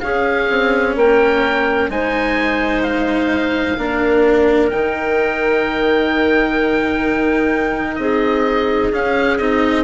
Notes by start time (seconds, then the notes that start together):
0.00 C#4 G#4 F5
0.49 C4
0.96 A#3 A#4 G5
1.89 G#3 D#4 C5 G#5
2.82 F5
3.77 A#3 D4 A#4
4.70 D#3 D#4 G5
7.95 C4 G#4 D#5
8.92 C#4 F5
9.38 C4 D#4 D#5